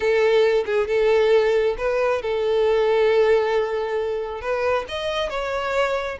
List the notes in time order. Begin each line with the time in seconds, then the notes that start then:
0.00 A4
0.65 G#4
0.87 A4
1.77 B4
2.21 A4
4.41 B4
4.88 D#5
5.29 C#5